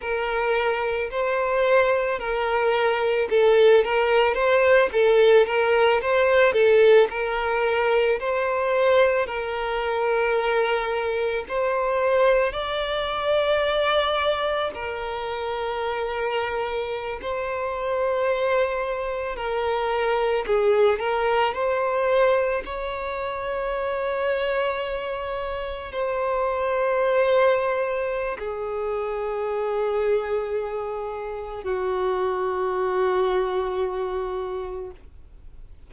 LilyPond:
\new Staff \with { instrumentName = "violin" } { \time 4/4 \tempo 4 = 55 ais'4 c''4 ais'4 a'8 ais'8 | c''8 a'8 ais'8 c''8 a'8 ais'4 c''8~ | c''8 ais'2 c''4 d''8~ | d''4. ais'2~ ais'16 c''16~ |
c''4.~ c''16 ais'4 gis'8 ais'8 c''16~ | c''8. cis''2. c''16~ | c''2 gis'2~ | gis'4 fis'2. | }